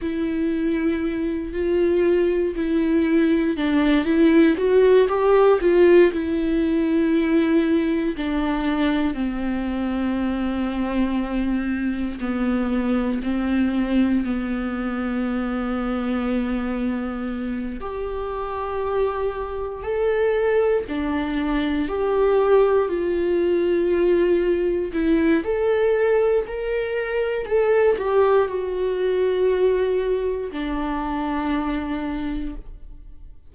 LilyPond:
\new Staff \with { instrumentName = "viola" } { \time 4/4 \tempo 4 = 59 e'4. f'4 e'4 d'8 | e'8 fis'8 g'8 f'8 e'2 | d'4 c'2. | b4 c'4 b2~ |
b4. g'2 a'8~ | a'8 d'4 g'4 f'4.~ | f'8 e'8 a'4 ais'4 a'8 g'8 | fis'2 d'2 | }